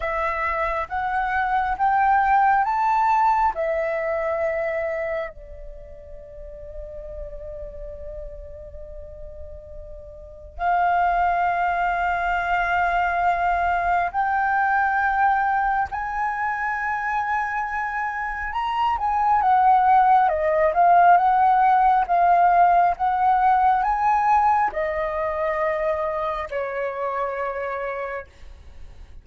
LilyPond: \new Staff \with { instrumentName = "flute" } { \time 4/4 \tempo 4 = 68 e''4 fis''4 g''4 a''4 | e''2 d''2~ | d''1 | f''1 |
g''2 gis''2~ | gis''4 ais''8 gis''8 fis''4 dis''8 f''8 | fis''4 f''4 fis''4 gis''4 | dis''2 cis''2 | }